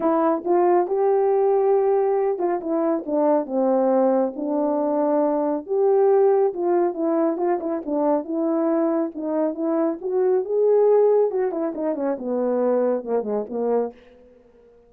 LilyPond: \new Staff \with { instrumentName = "horn" } { \time 4/4 \tempo 4 = 138 e'4 f'4 g'2~ | g'4. f'8 e'4 d'4 | c'2 d'2~ | d'4 g'2 f'4 |
e'4 f'8 e'8 d'4 e'4~ | e'4 dis'4 e'4 fis'4 | gis'2 fis'8 e'8 dis'8 cis'8 | b2 ais8 gis8 ais4 | }